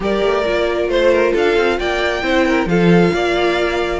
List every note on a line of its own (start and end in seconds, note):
0.00 0.21 G3
0.00 0.44 G4
0.00 0.91 A#4
0.00 0.89 D5
0.22 0.44 A3
0.45 0.87 A#3
0.45 2.22 F4
0.87 1.32 A3
0.87 1.33 C5
0.87 1.12 C5
1.12 1.32 A#4
1.32 1.56 D4
1.32 1.77 A4
1.32 1.79 F5
1.56 1.79 C4
1.79 2.22 A#3
1.79 2.23 D5
1.79 2.68 G5
2.22 2.65 C4
2.22 2.67 E4
2.22 2.46 C5
2.46 2.68 A#4
2.65 3.10 F3
2.65 4.00 F4
2.65 3.13 A4
2.65 4.00 F5
3.13 4.00 A#3
3.13 4.00 D5